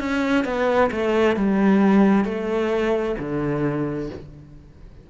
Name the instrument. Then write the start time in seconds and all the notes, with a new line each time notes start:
cello
0.00 C#4
0.45 B3
0.91 A3
1.36 G3
2.25 A3
3.19 D3